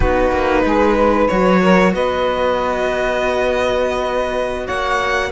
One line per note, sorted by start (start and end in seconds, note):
0.00 0.31 B3
0.00 1.29 D#4
0.00 0.62 F#4
0.00 1.27 B4
0.31 0.64 A#3
0.64 1.28 G#3
0.64 0.96 G#4
0.96 1.61 B4
1.27 1.93 F#3
1.27 5.31 F#4
1.27 1.92 C#5
1.62 1.94 A#4
1.93 4.67 B3
1.93 4.65 B4
1.93 4.67 D#5
4.65 5.31 A#3
4.65 5.30 C#5
4.65 5.31 F#5